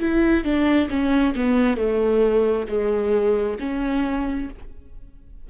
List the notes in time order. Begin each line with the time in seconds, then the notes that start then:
0.00 E4
0.44 D4
0.90 C#4
1.35 B3
1.77 A3
2.68 G#3
3.60 C#4